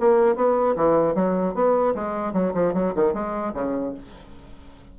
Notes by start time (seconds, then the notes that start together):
0.00 A#3
0.36 B3
0.76 E3
1.15 F#3
1.55 B3
1.95 G#3
2.33 F#3
2.54 F3
2.74 F#3
2.95 D#3
3.14 G#3
3.54 C#3